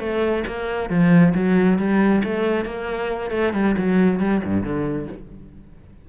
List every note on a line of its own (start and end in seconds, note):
0.00 0.44 A3
0.47 0.90 A#3
0.90 1.34 F3
1.35 1.79 F#3
1.79 2.23 G3
2.24 2.65 A3
2.65 3.31 A#3
3.31 3.53 A3
3.54 3.76 G3
3.78 4.20 F#3
4.20 4.42 G3
4.45 4.64 G2
4.64 5.08 D3